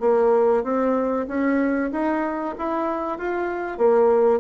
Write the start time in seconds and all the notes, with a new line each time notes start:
0.00 A#3
0.63 C4
1.27 C#4
1.92 D#4
2.58 E4
3.18 F4
3.78 A#3